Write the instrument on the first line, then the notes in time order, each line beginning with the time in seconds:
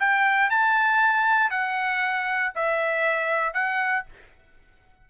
trumpet
0.00 G5
0.50 A5
1.51 F#5
2.55 E5
3.54 F#5